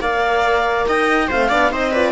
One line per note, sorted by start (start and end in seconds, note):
0.00 0.86 A#3
0.00 1.29 A#4
0.00 0.87 D5
0.00 0.87 F5
0.87 1.30 D#4
0.87 1.28 D#5
0.87 1.31 G5
1.28 1.52 A3
1.28 1.50 C4
1.28 1.49 C5
1.28 1.72 F5
1.49 1.72 B3
1.49 1.71 D4
1.49 1.70 D5
1.71 2.13 C4
1.71 1.92 D#4
1.71 1.92 C5
1.71 1.94 D#5
1.92 2.13 F4
1.92 2.13 B4
1.92 2.13 D5